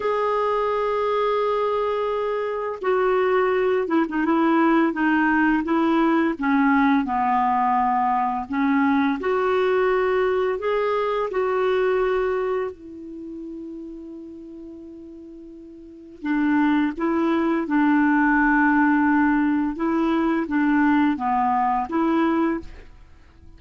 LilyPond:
\new Staff \with { instrumentName = "clarinet" } { \time 4/4 \tempo 4 = 85 gis'1 | fis'4. e'16 dis'16 e'4 dis'4 | e'4 cis'4 b2 | cis'4 fis'2 gis'4 |
fis'2 e'2~ | e'2. d'4 | e'4 d'2. | e'4 d'4 b4 e'4 | }